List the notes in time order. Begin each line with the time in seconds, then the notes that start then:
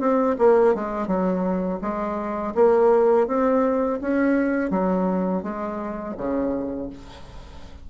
0.00 C4
0.39 A#3
0.75 G#3
1.07 F#3
1.82 G#3
2.55 A#3
3.27 C4
4.01 C#4
4.71 F#3
5.43 G#3
6.17 C#3